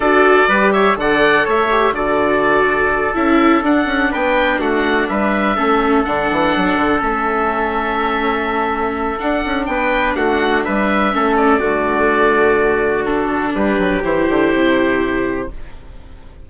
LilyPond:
<<
  \new Staff \with { instrumentName = "oboe" } { \time 4/4 \tempo 4 = 124 d''4. e''8 fis''4 e''4 | d''2~ d''8 e''4 fis''8~ | fis''8 g''4 fis''4 e''4.~ | e''8 fis''2 e''4.~ |
e''2. fis''4 | g''4 fis''4 e''4. d''8~ | d''2. a'4 | b'4 c''2. | }
  \new Staff \with { instrumentName = "trumpet" } { \time 4/4 a'4 b'8 cis''8 d''4 cis''4 | a'1~ | a'8 b'4 fis'4 b'4 a'8~ | a'1~ |
a'1 | b'4 fis'4 b'4 a'4 | fis'1 | g'1 | }
  \new Staff \with { instrumentName = "viola" } { \time 4/4 fis'4 g'4 a'4. g'8 | fis'2~ fis'8 e'4 d'8~ | d'2.~ d'8 cis'8~ | cis'8 d'2 cis'4.~ |
cis'2. d'4~ | d'2. cis'4 | a2. d'4~ | d'4 e'2. | }
  \new Staff \with { instrumentName = "bassoon" } { \time 4/4 d'4 g4 d4 a4 | d2~ d8 cis'4 d'8 | cis'8 b4 a4 g4 a8~ | a8 d8 e8 fis8 d8 a4.~ |
a2. d'8 cis'8 | b4 a4 g4 a4 | d1 | g8 fis8 e8 d8 c2 | }
>>